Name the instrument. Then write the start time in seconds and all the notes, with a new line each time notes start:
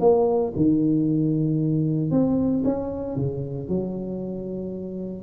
tuba
0.00 A#3
0.56 D#3
2.11 C4
2.64 C#4
3.16 C#3
3.68 F#3